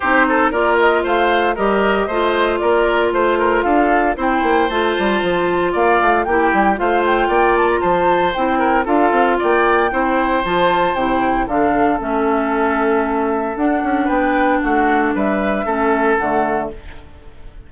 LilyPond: <<
  \new Staff \with { instrumentName = "flute" } { \time 4/4 \tempo 4 = 115 c''4 d''8 dis''8 f''4 dis''4~ | dis''4 d''4 c''4 f''4 | g''4 a''2 f''4 | g''4 f''8 g''4 a''16 ais''16 a''4 |
g''4 f''4 g''2 | a''4 g''4 f''4 e''4~ | e''2 fis''4 g''4 | fis''4 e''2 fis''4 | }
  \new Staff \with { instrumentName = "oboe" } { \time 4/4 g'8 a'8 ais'4 c''4 ais'4 | c''4 ais'4 c''8 ais'8 a'4 | c''2. d''4 | g'4 c''4 d''4 c''4~ |
c''8 ais'8 a'4 d''4 c''4~ | c''2 a'2~ | a'2. b'4 | fis'4 b'4 a'2 | }
  \new Staff \with { instrumentName = "clarinet" } { \time 4/4 dis'4 f'2 g'4 | f'1 | e'4 f'2. | e'4 f'2. |
e'4 f'2 e'4 | f'4 e'4 d'4 cis'4~ | cis'2 d'2~ | d'2 cis'4 a4 | }
  \new Staff \with { instrumentName = "bassoon" } { \time 4/4 c'4 ais4 a4 g4 | a4 ais4 a4 d'4 | c'8 ais8 a8 g8 f4 ais8 a8 | ais8 g8 a4 ais4 f4 |
c'4 d'8 c'8 ais4 c'4 | f4 c4 d4 a4~ | a2 d'8 cis'8 b4 | a4 g4 a4 d4 | }
>>